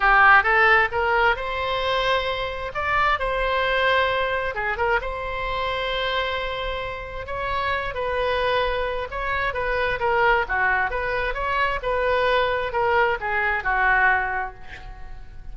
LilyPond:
\new Staff \with { instrumentName = "oboe" } { \time 4/4 \tempo 4 = 132 g'4 a'4 ais'4 c''4~ | c''2 d''4 c''4~ | c''2 gis'8 ais'8 c''4~ | c''1 |
cis''4. b'2~ b'8 | cis''4 b'4 ais'4 fis'4 | b'4 cis''4 b'2 | ais'4 gis'4 fis'2 | }